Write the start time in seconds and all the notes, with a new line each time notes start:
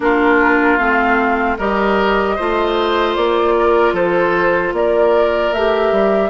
0.00 A#3 D4 F4 A#4
0.77 A3 C4 F5
1.57 G3 G4 A#4 D#5
2.35 A3 F4 C5
3.15 A#3 D5
3.58 A#4
3.93 F3 A4 C5
4.72 A#3 A#4 D5
5.52 A3 G4 E5
5.91 G3